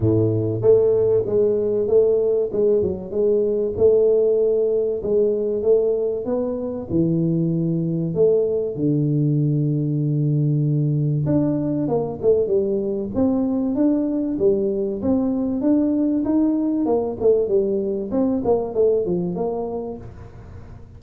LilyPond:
\new Staff \with { instrumentName = "tuba" } { \time 4/4 \tempo 4 = 96 a,4 a4 gis4 a4 | gis8 fis8 gis4 a2 | gis4 a4 b4 e4~ | e4 a4 d2~ |
d2 d'4 ais8 a8 | g4 c'4 d'4 g4 | c'4 d'4 dis'4 ais8 a8 | g4 c'8 ais8 a8 f8 ais4 | }